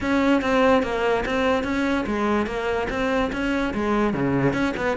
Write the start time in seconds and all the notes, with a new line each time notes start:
0.00 C#4
0.41 C4
0.83 A#3
1.25 C4
1.63 C#4
2.06 G#3
2.46 A#3
2.89 C4
3.32 C#4
3.74 G#3
4.13 C#3
4.53 C#4
4.76 B3